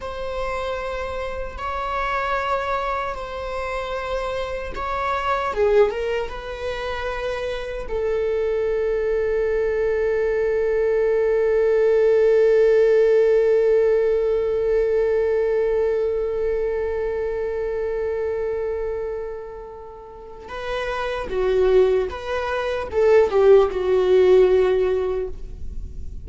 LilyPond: \new Staff \with { instrumentName = "viola" } { \time 4/4 \tempo 4 = 76 c''2 cis''2 | c''2 cis''4 gis'8 ais'8 | b'2 a'2~ | a'1~ |
a'1~ | a'1~ | a'2 b'4 fis'4 | b'4 a'8 g'8 fis'2 | }